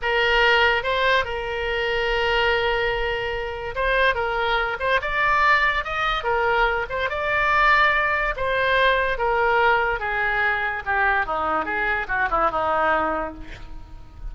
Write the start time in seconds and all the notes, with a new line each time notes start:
0.02 A#4
0.83 C5
1.24 A#4
3.75 C5
4.14 A#4
4.79 C5
5.01 D5
5.84 D#5
6.23 A#4
6.89 C5
7.09 D5
8.36 C5
9.18 A#4
9.99 G#4
10.85 G4
11.25 D#4
11.65 G#4
12.07 F#4
12.30 E4
12.50 D#4